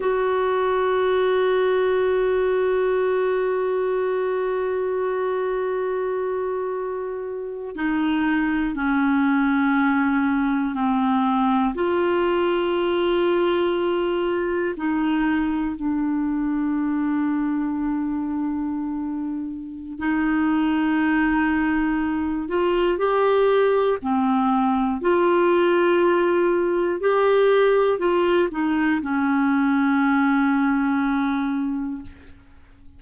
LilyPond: \new Staff \with { instrumentName = "clarinet" } { \time 4/4 \tempo 4 = 60 fis'1~ | fis'2.~ fis'8. dis'16~ | dis'8. cis'2 c'4 f'16~ | f'2~ f'8. dis'4 d'16~ |
d'1 | dis'2~ dis'8 f'8 g'4 | c'4 f'2 g'4 | f'8 dis'8 cis'2. | }